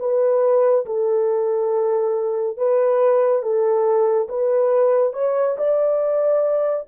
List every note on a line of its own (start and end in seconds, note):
0.00 0.86 B4
0.86 2.58 A4
2.58 3.43 B4
3.43 4.29 A4
4.29 5.14 B4
5.14 5.57 C#5
5.58 6.87 D5